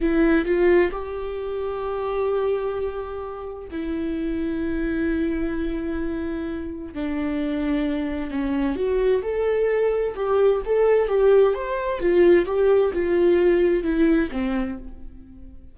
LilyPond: \new Staff \with { instrumentName = "viola" } { \time 4/4 \tempo 4 = 130 e'4 f'4 g'2~ | g'1 | e'1~ | e'2. d'4~ |
d'2 cis'4 fis'4 | a'2 g'4 a'4 | g'4 c''4 f'4 g'4 | f'2 e'4 c'4 | }